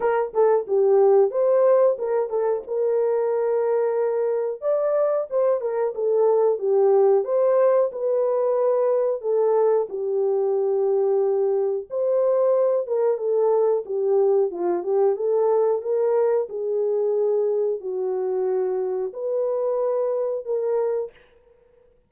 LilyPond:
\new Staff \with { instrumentName = "horn" } { \time 4/4 \tempo 4 = 91 ais'8 a'8 g'4 c''4 ais'8 a'8 | ais'2. d''4 | c''8 ais'8 a'4 g'4 c''4 | b'2 a'4 g'4~ |
g'2 c''4. ais'8 | a'4 g'4 f'8 g'8 a'4 | ais'4 gis'2 fis'4~ | fis'4 b'2 ais'4 | }